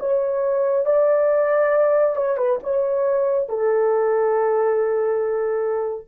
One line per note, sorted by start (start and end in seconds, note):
0.00 0.86 C#5
0.86 2.17 D5
2.17 2.38 C#5
2.38 2.59 B4
2.63 3.49 C#5
3.49 6.09 A4